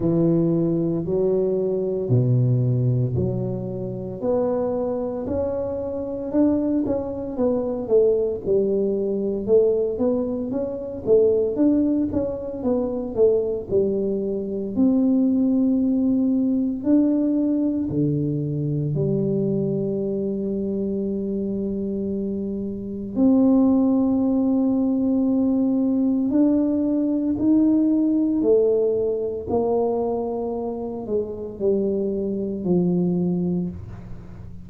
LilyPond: \new Staff \with { instrumentName = "tuba" } { \time 4/4 \tempo 4 = 57 e4 fis4 b,4 fis4 | b4 cis'4 d'8 cis'8 b8 a8 | g4 a8 b8 cis'8 a8 d'8 cis'8 | b8 a8 g4 c'2 |
d'4 d4 g2~ | g2 c'2~ | c'4 d'4 dis'4 a4 | ais4. gis8 g4 f4 | }